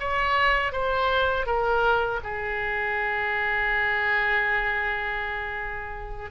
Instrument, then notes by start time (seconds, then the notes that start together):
oboe
0.00 C#5
0.72 C5
1.46 A#4
2.24 G#4